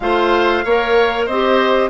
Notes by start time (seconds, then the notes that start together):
0.00 A3 F4 C5 F5
0.64 A#3 A#4 C#5
1.25 C4 C5 D#5
1.32 G4